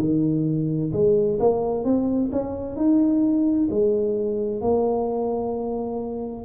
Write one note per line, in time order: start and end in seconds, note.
0.00 0.92 D#3
0.93 1.39 G#3
1.40 1.85 A#3
1.85 2.31 C4
2.32 2.77 C#4
2.77 3.69 D#4
3.71 4.62 G#3
4.62 6.46 A#3